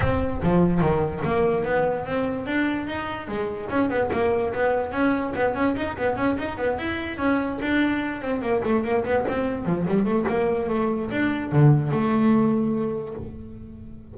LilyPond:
\new Staff \with { instrumentName = "double bass" } { \time 4/4 \tempo 4 = 146 c'4 f4 dis4 ais4 | b4 c'4 d'4 dis'4 | gis4 cis'8 b8 ais4 b4 | cis'4 b8 cis'8 dis'8 b8 cis'8 dis'8 |
b8 e'4 cis'4 d'4. | c'8 ais8 a8 ais8 b8 c'4 f8 | g8 a8 ais4 a4 d'4 | d4 a2. | }